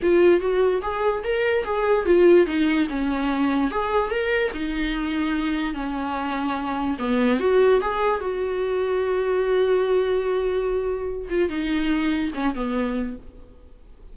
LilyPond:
\new Staff \with { instrumentName = "viola" } { \time 4/4 \tempo 4 = 146 f'4 fis'4 gis'4 ais'4 | gis'4 f'4 dis'4 cis'4~ | cis'4 gis'4 ais'4 dis'4~ | dis'2 cis'2~ |
cis'4 b4 fis'4 gis'4 | fis'1~ | fis'2.~ fis'8 f'8 | dis'2 cis'8 b4. | }